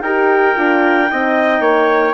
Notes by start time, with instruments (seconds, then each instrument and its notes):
0.00 bassoon D#4, horn G4, trumpet A#4, clarinet G5
0.56 bassoon D4, horn F4
1.08 bassoon C4, horn D#4, trumpet D#5
1.60 bassoon A#3, trumpet C#5